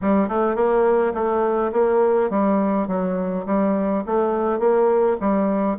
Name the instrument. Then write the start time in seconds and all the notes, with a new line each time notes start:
bassoon
0.01 G3
0.28 A3
0.55 A#3
1.14 A3
1.72 A#3
2.30 G3
2.87 F#3
3.46 G3
4.05 A3
4.59 A#3
5.20 G3